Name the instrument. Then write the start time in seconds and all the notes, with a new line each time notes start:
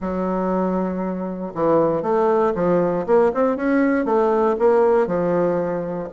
bassoon
0.00 F#3
1.54 E3
2.02 A3
2.54 F3
3.06 A#3
3.34 C4
3.56 C#4
4.05 A3
4.58 A#3
5.06 F3